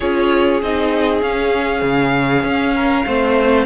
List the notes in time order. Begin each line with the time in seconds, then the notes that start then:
0.00 C#4 F4 G#4 C#5
0.61 C4 D#4 D#5
1.22 C#4 F5
1.82 C#3
2.43 C#4
2.75 A#4
3.06 A3 C4 C5